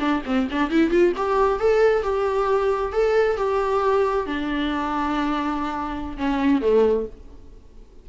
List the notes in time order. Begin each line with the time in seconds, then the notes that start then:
0.00 D4
0.26 C4
0.51 D4
0.71 E4
0.91 F4
1.17 G4
1.60 A4
2.03 G4
2.93 A4
3.37 G4
4.27 D4
6.18 C#4
6.62 A3